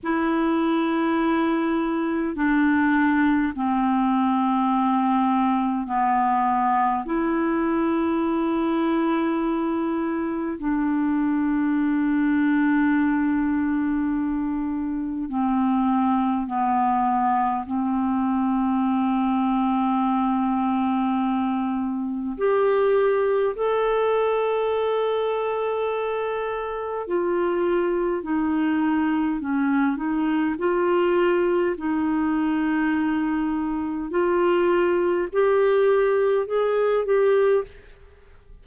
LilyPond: \new Staff \with { instrumentName = "clarinet" } { \time 4/4 \tempo 4 = 51 e'2 d'4 c'4~ | c'4 b4 e'2~ | e'4 d'2.~ | d'4 c'4 b4 c'4~ |
c'2. g'4 | a'2. f'4 | dis'4 cis'8 dis'8 f'4 dis'4~ | dis'4 f'4 g'4 gis'8 g'8 | }